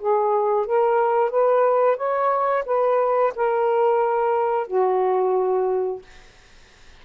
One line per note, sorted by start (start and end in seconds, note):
0.00 0.66 G#4
0.66 1.31 A#4
1.31 1.97 B4
1.97 2.64 C#5
2.66 3.33 B4
3.36 4.67 A#4
4.67 6.02 F#4